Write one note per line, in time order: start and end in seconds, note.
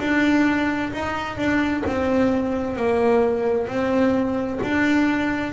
0.00 0.92 D4
0.93 1.38 D#4
1.38 1.84 D4
1.87 2.77 C4
2.77 3.68 A#3
3.68 4.60 C4
4.63 5.53 D4